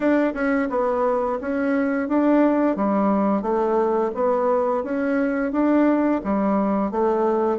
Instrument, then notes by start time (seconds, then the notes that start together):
bassoon
0.00 D4
0.34 C#4
0.69 B3
1.40 C#4
2.08 D4
2.76 G3
3.42 A3
4.14 B3
4.83 C#4
5.52 D4
6.24 G3
6.91 A3